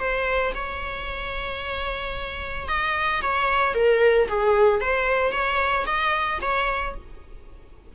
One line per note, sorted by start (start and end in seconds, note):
0.00 0.54 C5
0.55 2.69 C#5
2.69 3.22 D#5
3.22 3.75 C#5
3.75 4.28 A#4
4.29 4.81 G#4
4.81 5.33 C5
5.33 5.86 C#5
5.87 6.40 D#5
6.42 6.95 C#5